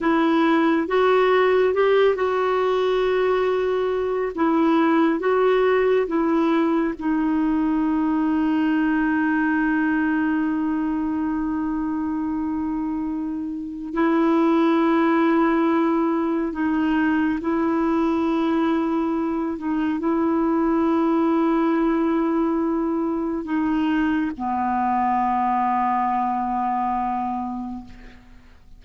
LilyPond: \new Staff \with { instrumentName = "clarinet" } { \time 4/4 \tempo 4 = 69 e'4 fis'4 g'8 fis'4.~ | fis'4 e'4 fis'4 e'4 | dis'1~ | dis'1 |
e'2. dis'4 | e'2~ e'8 dis'8 e'4~ | e'2. dis'4 | b1 | }